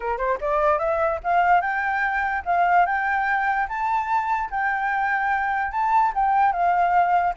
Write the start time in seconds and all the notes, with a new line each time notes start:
0.00 A#4
0.17 C5
0.40 D5
0.79 E5
1.23 F5
1.61 G5
2.45 F5
2.86 G5
3.68 A5
4.50 G5
5.71 A5
6.14 G5
6.52 F5